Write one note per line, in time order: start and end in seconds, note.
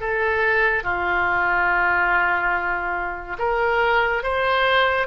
0.00 0.83 A4
0.83 3.37 F4
3.38 4.23 A#4
4.23 5.07 C5